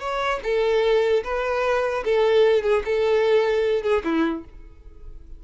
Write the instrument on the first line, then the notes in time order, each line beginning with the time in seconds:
violin
0.00 C#5
0.43 A4
1.24 B4
2.05 A4
2.63 G#4
2.85 A4
3.83 G#4
4.05 E4